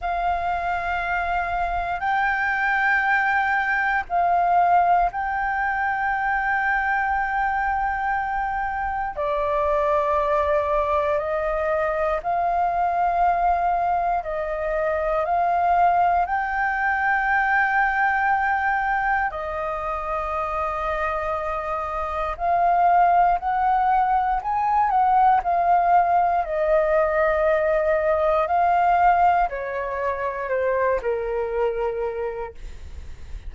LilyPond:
\new Staff \with { instrumentName = "flute" } { \time 4/4 \tempo 4 = 59 f''2 g''2 | f''4 g''2.~ | g''4 d''2 dis''4 | f''2 dis''4 f''4 |
g''2. dis''4~ | dis''2 f''4 fis''4 | gis''8 fis''8 f''4 dis''2 | f''4 cis''4 c''8 ais'4. | }